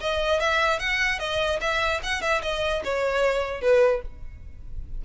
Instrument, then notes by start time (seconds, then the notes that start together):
violin
0.00 D#5
0.40 E5
0.79 F#5
1.19 D#5
1.60 E5
2.03 F#5
2.21 E5
2.42 D#5
2.84 C#5
3.61 B4